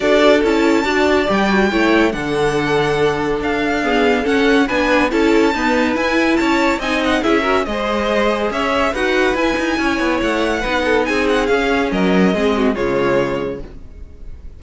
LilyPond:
<<
  \new Staff \with { instrumentName = "violin" } { \time 4/4 \tempo 4 = 141 d''4 a''2 g''4~ | g''4 fis''2. | f''2 fis''4 gis''4 | a''2 gis''4 a''4 |
gis''8 fis''8 e''4 dis''2 | e''4 fis''4 gis''2 | fis''2 gis''8 fis''8 f''4 | dis''2 cis''2 | }
  \new Staff \with { instrumentName = "violin" } { \time 4/4 a'2 d''2 | cis''4 a'2.~ | a'4 gis'4 a'4 b'4 | a'4 b'2 cis''4 |
dis''4 gis'8 ais'8 c''2 | cis''4 b'2 cis''4~ | cis''4 b'8 a'8 gis'2 | ais'4 gis'8 fis'8 f'2 | }
  \new Staff \with { instrumentName = "viola" } { \time 4/4 fis'4 e'4 fis'4 g'8 fis'8 | e'4 d'2.~ | d'4 b4 cis'4 d'4 | e'4 b4 e'2 |
dis'4 e'8 fis'8 gis'2~ | gis'4 fis'4 e'2~ | e'4 dis'2 cis'4~ | cis'4 c'4 gis2 | }
  \new Staff \with { instrumentName = "cello" } { \time 4/4 d'4 cis'4 d'4 g4 | a4 d2. | d'2 cis'4 b4 | cis'4 dis'4 e'4 cis'4 |
c'4 cis'4 gis2 | cis'4 dis'4 e'8 dis'8 cis'8 b8 | a4 b4 c'4 cis'4 | fis4 gis4 cis2 | }
>>